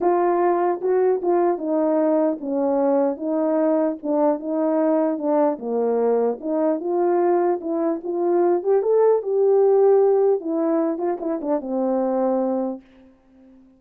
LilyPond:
\new Staff \with { instrumentName = "horn" } { \time 4/4 \tempo 4 = 150 f'2 fis'4 f'4 | dis'2 cis'2 | dis'2 d'4 dis'4~ | dis'4 d'4 ais2 |
dis'4 f'2 e'4 | f'4. g'8 a'4 g'4~ | g'2 e'4. f'8 | e'8 d'8 c'2. | }